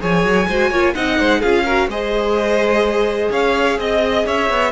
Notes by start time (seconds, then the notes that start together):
0.00 F3 G#4 C#5 G#5
0.24 F#3
0.48 G#3 F#4 C5
0.70 A#3 F4 C#5
0.95 C4 D#4 D#5 F#5
1.19 G#3 C5
1.40 C#4 F4 G#4 F5
1.65 F#4 A#4
1.88 G#3 G#4 C5 D#5
3.31 C#4 C#5 F5
3.78 C4 D#5
4.26 C#4 C#5 E5
4.50 B3